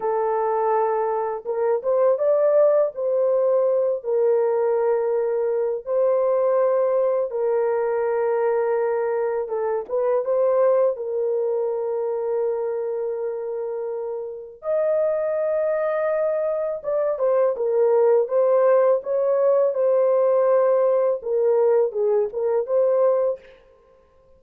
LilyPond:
\new Staff \with { instrumentName = "horn" } { \time 4/4 \tempo 4 = 82 a'2 ais'8 c''8 d''4 | c''4. ais'2~ ais'8 | c''2 ais'2~ | ais'4 a'8 b'8 c''4 ais'4~ |
ais'1 | dis''2. d''8 c''8 | ais'4 c''4 cis''4 c''4~ | c''4 ais'4 gis'8 ais'8 c''4 | }